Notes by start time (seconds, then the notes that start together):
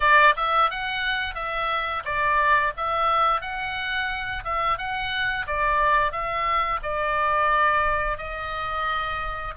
0.00 D5
0.36 E5
0.70 F#5
1.35 E5
2.04 D5
2.76 E5
3.41 F#5
4.44 E5
4.78 F#5
5.46 D5
6.11 E5
6.82 D5
8.17 D#5